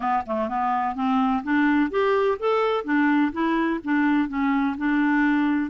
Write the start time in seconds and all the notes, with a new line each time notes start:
0.00 B3
0.26 A3
0.48 B3
0.95 C4
1.43 D4
1.90 G4
2.39 A4
2.84 D4
3.32 E4
3.83 D4
4.28 C#4
4.77 D4